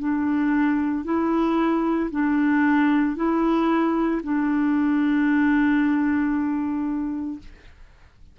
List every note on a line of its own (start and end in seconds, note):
0.00 1.05 D4
1.05 2.11 E4
2.11 3.16 D4
3.16 4.22 E4
4.24 7.40 D4